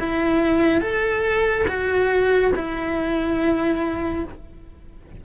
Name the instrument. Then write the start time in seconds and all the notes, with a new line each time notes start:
cello
0.00 E4
0.81 A4
1.68 F#4
2.56 E4